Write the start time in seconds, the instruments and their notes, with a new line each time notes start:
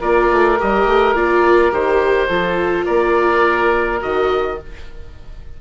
0.00 bassoon A#3, viola F4, oboe A#4 D5
0.32 bassoon A3
0.59 bassoon G3, viola G4, oboe D#5
0.86 bassoon A3
1.15 bassoon A#3, viola F4, oboe D5
1.72 bassoon D#3, viola G4, oboe C5
2.28 bassoon F3, viola F4, oboe A4
2.85 bassoon A#3, oboe A#4 D5
4.01 bassoon D#3, viola F#4, oboe D#5